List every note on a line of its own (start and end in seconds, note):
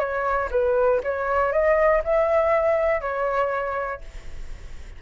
0.00 0.50 C#5
0.52 1.02 B4
1.04 1.53 C#5
1.53 2.03 D#5
2.05 3.02 E5
3.02 4.02 C#5